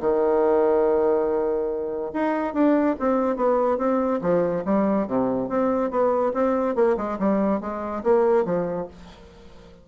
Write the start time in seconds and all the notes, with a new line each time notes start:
0.00 D#3
2.14 D#4
2.54 D4
2.99 C4
3.36 B3
3.78 C4
4.22 F3
4.65 G3
5.07 C3
5.49 C4
5.90 B3
6.34 C4
6.75 A#3
6.97 G#3
7.19 G3
7.61 G#3
8.04 A#3
8.45 F3